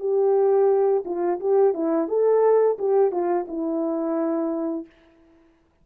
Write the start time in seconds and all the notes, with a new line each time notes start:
0.00 G4
1.05 F4
1.40 G4
1.74 E4
2.08 A4
2.78 G4
3.12 F4
3.48 E4